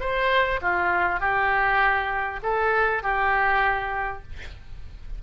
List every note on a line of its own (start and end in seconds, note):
0.00 0.60 C5
0.61 1.20 F4
1.20 2.40 G4
2.43 3.03 A4
3.03 4.23 G4